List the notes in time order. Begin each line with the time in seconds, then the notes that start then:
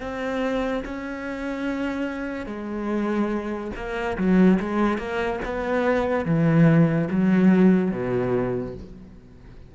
0.00 C4
0.85 C#4
2.46 G#3
3.75 A#3
4.17 F#3
4.60 G#3
4.98 A#3
5.45 B3
6.25 E3
7.10 F#3
7.91 B2